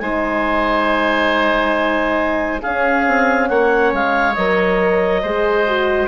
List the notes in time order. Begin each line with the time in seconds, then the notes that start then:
0.00 G#3 D#4 C5 G#5
2.62 C#4 G#4 F5
3.08 C4
3.49 A#3 C#5 F#5
3.93 G#3 F5
4.35 F#3 A#4 D#5
5.22 G#3 G#4 C5
5.68 F#4